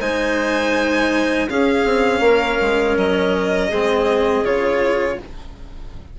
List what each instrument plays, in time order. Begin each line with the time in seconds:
0.00 bassoon G#3, cello D#4, clarinet C5, violin G#5
1.49 bassoon C#4, cello C#4, clarinet G#4, violin F5
1.85 bassoon C4
2.20 bassoon A#3, clarinet A#4
2.62 bassoon G#3
2.97 bassoon F#3, violin D#5
3.69 bassoon G#3, cello C4, clarinet G#4
4.43 bassoon C#3, cello F4, violin C#5